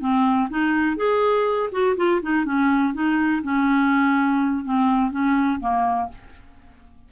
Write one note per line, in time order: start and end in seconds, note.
0.00 0.49 C4
0.50 0.97 D#4
0.97 1.70 G#4
1.72 1.96 F#4
1.97 2.21 F4
2.23 2.45 D#4
2.45 2.94 C#4
2.94 3.43 D#4
3.43 4.65 C#4
4.65 5.11 C4
5.11 5.60 C#4
5.61 6.10 A#3